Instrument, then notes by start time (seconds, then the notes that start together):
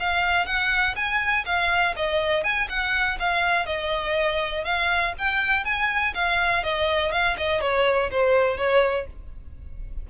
violin
0.00 F5
0.46 F#5
0.96 G#5
1.46 F5
1.96 D#5
2.44 G#5
2.69 F#5
3.19 F5
3.66 D#5
4.65 F5
5.18 G5
5.65 G#5
6.15 F5
6.63 D#5
7.12 F5
7.38 D#5
7.61 C#5
8.11 C5
8.58 C#5